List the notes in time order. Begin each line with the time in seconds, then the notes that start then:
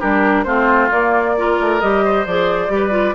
0.00 G3 D4 G4 A#4
0.44 A3 C4 F4 C5
0.92 A#3 D5
1.38 F4 A#4
1.61 A3
1.81 G3 G4 D#5
2.05 C5
2.27 F3 G#4 D5
2.69 G3 G4
2.76 B4
2.91 F4